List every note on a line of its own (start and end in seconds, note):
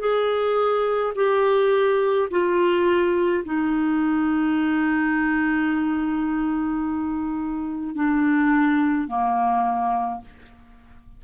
0.00 1.13 G#4
1.15 2.28 G4
2.31 3.44 F4
3.44 7.95 D#4
7.95 9.08 D4
9.08 10.21 A#3